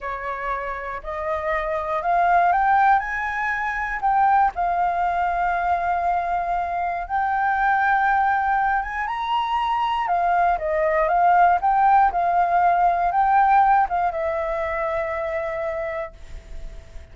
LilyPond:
\new Staff \with { instrumentName = "flute" } { \time 4/4 \tempo 4 = 119 cis''2 dis''2 | f''4 g''4 gis''2 | g''4 f''2.~ | f''2 g''2~ |
g''4. gis''8 ais''2 | f''4 dis''4 f''4 g''4 | f''2 g''4. f''8 | e''1 | }